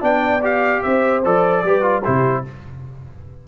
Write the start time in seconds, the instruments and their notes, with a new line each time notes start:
0.00 tuba B3, trombone D4, horn D5, trumpet G5
0.42 trombone G4, trumpet F5
0.82 tuba C4, horn C5, trumpet E5
1.24 tuba F3, trombone A4, trumpet D5
1.64 tuba G3, trombone G4, horn B4
1.82 trombone F4
2.02 tuba C3, trombone E4, horn G4, trumpet C5